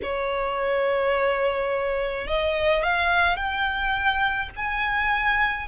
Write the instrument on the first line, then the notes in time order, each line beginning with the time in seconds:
violin
0.02 C#5
2.27 D#5
2.83 F5
3.36 G5
4.55 G#5